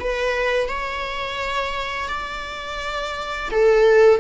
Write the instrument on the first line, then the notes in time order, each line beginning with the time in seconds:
viola
0.00 B4
0.68 C#5
2.09 D5
3.51 A4